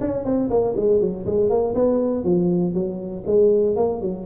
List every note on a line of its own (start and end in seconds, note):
0.00 0.24 C#4
0.24 0.49 C4
0.50 0.75 A#3
0.76 1.00 G#3
1.00 1.25 F#3
1.25 1.49 G#3
1.49 1.74 A#3
1.75 2.24 B3
2.24 2.74 F3
2.74 3.24 F#3
3.26 3.76 G#3
3.76 4.01 A#3
4.01 4.26 F#3